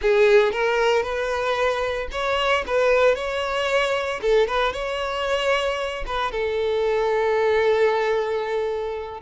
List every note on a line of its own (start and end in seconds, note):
0.01 0.52 G#4
0.52 1.02 A#4
1.02 2.08 B4
2.11 2.64 C#5
2.66 3.15 B4
3.15 4.20 C#5
4.21 4.47 A4
4.47 4.72 B4
4.72 6.04 C#5
6.06 6.31 B4
6.31 9.21 A4